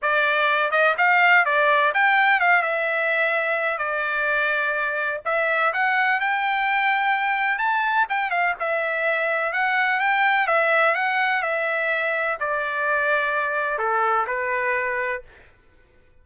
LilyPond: \new Staff \with { instrumentName = "trumpet" } { \time 4/4 \tempo 4 = 126 d''4. dis''8 f''4 d''4 | g''4 f''8 e''2~ e''8 | d''2. e''4 | fis''4 g''2. |
a''4 g''8 f''8 e''2 | fis''4 g''4 e''4 fis''4 | e''2 d''2~ | d''4 a'4 b'2 | }